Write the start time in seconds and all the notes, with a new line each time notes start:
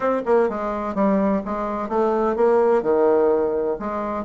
0.00 C4
0.25 A#3
0.49 G#3
0.94 G3
1.45 G#3
1.89 A3
2.36 A#3
2.82 D#3
3.79 G#3